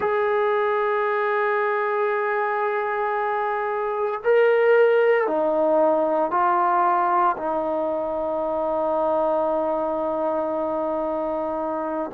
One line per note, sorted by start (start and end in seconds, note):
0.00 4.21 G#4
4.23 5.27 A#4
5.27 6.30 D#4
6.30 7.35 F4
7.37 12.11 D#4